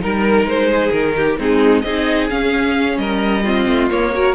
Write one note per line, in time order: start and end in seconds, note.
0.00 0.44 G3
0.00 1.37 D#4
0.00 0.68 A#4
0.00 0.48 A#4
0.44 0.90 G#3
0.44 0.91 C5
0.68 1.14 G#4
0.91 1.37 D#3
0.91 1.37 A#4
1.16 1.39 G4
1.38 1.83 G#3
1.38 1.84 C4
1.38 1.85 D#4
1.38 1.81 G#4
1.81 2.29 C4
1.81 2.30 D#4
1.81 2.99 G#4
1.81 2.27 D#5
2.30 3.44 C#4
2.30 2.97 C#4
2.30 2.97 F5
2.97 3.66 G3
2.97 3.43 A#4
2.97 3.89 D#5
3.43 3.90 C4
3.43 4.12 F4
3.67 3.89 A3
3.90 4.12 A#3
3.90 4.34 A#3
3.90 4.34 C#5
4.12 4.34 F#4
4.12 4.34 A#4